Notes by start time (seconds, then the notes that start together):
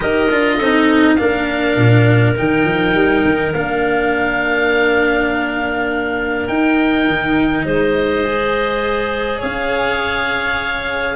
0.00 D#4 G4 A#4 D#5
0.30 D4 F4
0.56 C4 A4
0.62 D#4
1.15 A#3 D4 A#4 F5
1.76 A#2
2.36 D#3 D#4 G5
2.65 F3
2.94 G3
3.24 D#3
3.53 A#3 D4 F5
6.47 D#4 G5
7.07 D#3
7.65 G#3 C5 D#5
8.25 G#4
9.38 C#4 C#5 F5